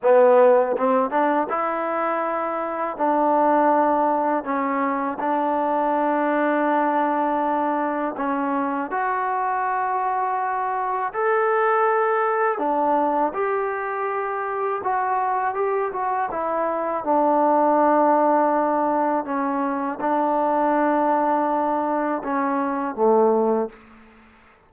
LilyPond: \new Staff \with { instrumentName = "trombone" } { \time 4/4 \tempo 4 = 81 b4 c'8 d'8 e'2 | d'2 cis'4 d'4~ | d'2. cis'4 | fis'2. a'4~ |
a'4 d'4 g'2 | fis'4 g'8 fis'8 e'4 d'4~ | d'2 cis'4 d'4~ | d'2 cis'4 a4 | }